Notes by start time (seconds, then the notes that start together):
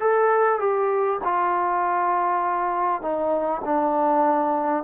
0.00 A4
0.59 G4
1.24 F4
3.02 D#4
3.65 D4